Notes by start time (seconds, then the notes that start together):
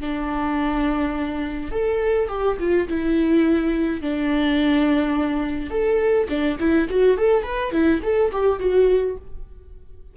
0.00 D4
1.71 A4
2.28 G4
2.59 F4
2.88 E4
4.01 D4
5.70 A4
6.29 D4
6.59 E4
6.89 F#4
7.17 A4
7.43 B4
7.72 E4
8.03 A4
8.32 G4
8.59 F#4